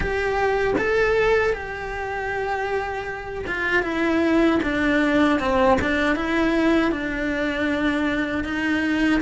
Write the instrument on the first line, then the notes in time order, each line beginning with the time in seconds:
cello
0.00 G4
0.78 A4
1.52 G4
3.47 F4
3.83 E4
4.62 D4
5.39 C4
5.81 D4
6.15 E4
6.91 D4
8.44 D#4